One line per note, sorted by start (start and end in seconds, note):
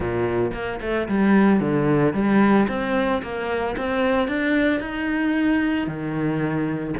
0.00 0.52 A#2
0.53 0.79 A#3
0.81 1.07 A3
1.08 1.60 G3
1.60 2.13 D3
2.13 2.67 G3
2.68 3.22 C4
3.22 3.75 A#3
3.77 4.28 C4
4.28 4.80 D4
4.80 5.87 D#4
5.87 6.94 D#3